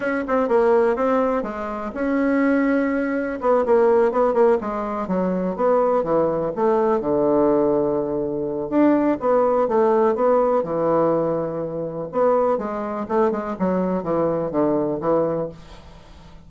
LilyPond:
\new Staff \with { instrumentName = "bassoon" } { \time 4/4 \tempo 4 = 124 cis'8 c'8 ais4 c'4 gis4 | cis'2. b8 ais8~ | ais8 b8 ais8 gis4 fis4 b8~ | b8 e4 a4 d4.~ |
d2 d'4 b4 | a4 b4 e2~ | e4 b4 gis4 a8 gis8 | fis4 e4 d4 e4 | }